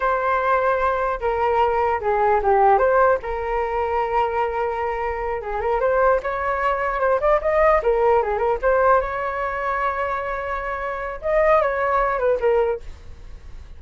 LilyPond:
\new Staff \with { instrumentName = "flute" } { \time 4/4 \tempo 4 = 150 c''2. ais'4~ | ais'4 gis'4 g'4 c''4 | ais'1~ | ais'4. gis'8 ais'8 c''4 cis''8~ |
cis''4. c''8 d''8 dis''4 ais'8~ | ais'8 gis'8 ais'8 c''4 cis''4.~ | cis''1 | dis''4 cis''4. b'8 ais'4 | }